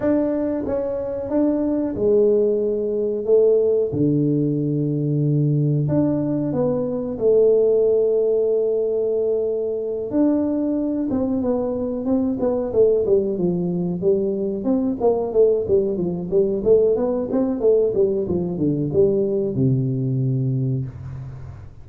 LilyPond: \new Staff \with { instrumentName = "tuba" } { \time 4/4 \tempo 4 = 92 d'4 cis'4 d'4 gis4~ | gis4 a4 d2~ | d4 d'4 b4 a4~ | a2.~ a8 d'8~ |
d'4 c'8 b4 c'8 b8 a8 | g8 f4 g4 c'8 ais8 a8 | g8 f8 g8 a8 b8 c'8 a8 g8 | f8 d8 g4 c2 | }